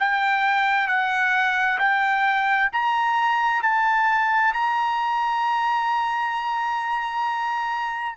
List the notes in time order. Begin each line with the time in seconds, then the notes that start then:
0.00 G5
0.88 F#5
1.79 G5
2.72 A#5
3.62 A5
4.53 A#5